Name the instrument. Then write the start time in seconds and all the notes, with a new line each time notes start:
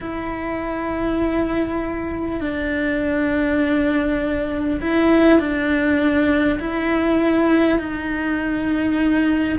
cello
0.01 E4
2.40 D4
4.80 E4
5.39 D4
6.59 E4
7.78 D#4